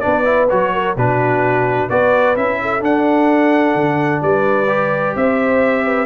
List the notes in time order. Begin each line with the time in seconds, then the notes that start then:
0.00 D4 B4 D5
0.06 B3
0.25 E4
0.49 F#3 F#4 C#5
0.73 A#4
0.96 B2 D4 F#4 B4
1.90 B3 F#4 B4 D5
2.37 C#4 E4 E5
2.62 A4
2.81 D4 F#5
3.75 D3
4.22 G3 B4 D5
4.68 G4
5.16 C4 C5 E5
5.85 B4